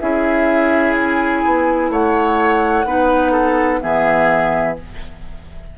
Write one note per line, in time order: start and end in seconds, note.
0.00 1.45 C#4
0.00 2.86 E4
0.00 1.91 G#4
0.00 0.95 E5
0.96 1.92 G#5
1.45 1.90 B3
1.90 2.85 A3
1.90 2.86 C#5
1.90 3.81 F#5
2.85 3.80 B3
2.85 3.81 D#4
2.85 3.32 B4
3.32 3.80 A4
3.81 4.79 E3
3.81 4.77 B3
3.81 4.78 G#4
3.81 4.76 E5